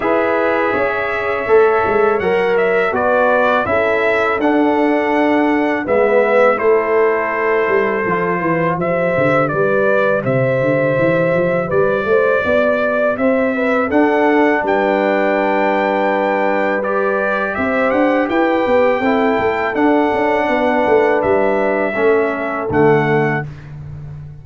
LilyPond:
<<
  \new Staff \with { instrumentName = "trumpet" } { \time 4/4 \tempo 4 = 82 e''2. fis''8 e''8 | d''4 e''4 fis''2 | e''4 c''2. | e''4 d''4 e''2 |
d''2 e''4 fis''4 | g''2. d''4 | e''8 fis''8 g''2 fis''4~ | fis''4 e''2 fis''4 | }
  \new Staff \with { instrumentName = "horn" } { \time 4/4 b'4 cis''2. | b'4 a'2. | b'4 a'2~ a'8 b'8 | c''4 b'4 c''2 |
b'8 c''8 d''4 c''8 b'8 a'4 | b'1 | c''4 b'4 a'2 | b'2 a'2 | }
  \new Staff \with { instrumentName = "trombone" } { \time 4/4 gis'2 a'4 ais'4 | fis'4 e'4 d'2 | b4 e'2 f'4 | g'1~ |
g'2. d'4~ | d'2. g'4~ | g'2 e'4 d'4~ | d'2 cis'4 a4 | }
  \new Staff \with { instrumentName = "tuba" } { \time 4/4 e'4 cis'4 a8 gis8 fis4 | b4 cis'4 d'2 | gis4 a4. g8 f8 e8 | f8 d8 g4 c8 d8 e8 f8 |
g8 a8 b4 c'4 d'4 | g1 | c'8 d'8 e'8 b8 c'8 a8 d'8 cis'8 | b8 a8 g4 a4 d4 | }
>>